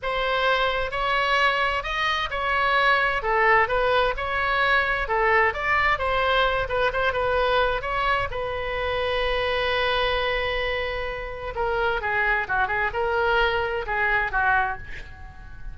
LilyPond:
\new Staff \with { instrumentName = "oboe" } { \time 4/4 \tempo 4 = 130 c''2 cis''2 | dis''4 cis''2 a'4 | b'4 cis''2 a'4 | d''4 c''4. b'8 c''8 b'8~ |
b'4 cis''4 b'2~ | b'1~ | b'4 ais'4 gis'4 fis'8 gis'8 | ais'2 gis'4 fis'4 | }